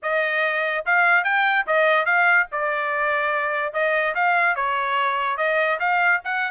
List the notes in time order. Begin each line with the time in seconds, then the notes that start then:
0.02 D#5
0.85 F5
1.24 G5
1.66 D#5
2.05 F5
2.51 D5
3.73 D#5
4.14 F5
4.55 C#5
5.37 D#5
5.79 F5
6.24 F#5